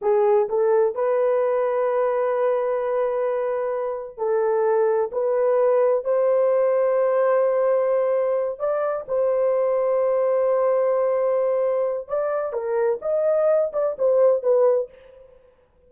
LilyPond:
\new Staff \with { instrumentName = "horn" } { \time 4/4 \tempo 4 = 129 gis'4 a'4 b'2~ | b'1~ | b'4 a'2 b'4~ | b'4 c''2.~ |
c''2~ c''8 d''4 c''8~ | c''1~ | c''2 d''4 ais'4 | dis''4. d''8 c''4 b'4 | }